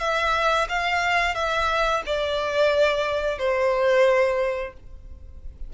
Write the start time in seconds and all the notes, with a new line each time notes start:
0.00 E5
0.69 F5
1.35 E5
2.06 D5
3.38 C5